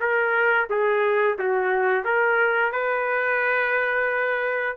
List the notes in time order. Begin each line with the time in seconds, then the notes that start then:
0.00 A#4
0.69 G#4
1.39 F#4
2.05 A#4
2.72 B4